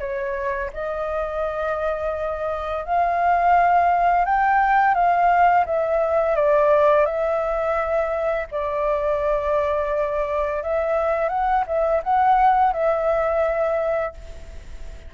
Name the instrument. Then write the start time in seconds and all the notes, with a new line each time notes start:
flute
0.00 C#5
0.74 D#5
2.86 F5
4.25 G5
4.95 F5
5.66 E5
6.36 D5
7.06 E5
8.52 D5
10.63 E5
11.29 F#5
11.67 E5
12.04 F#5
12.73 E5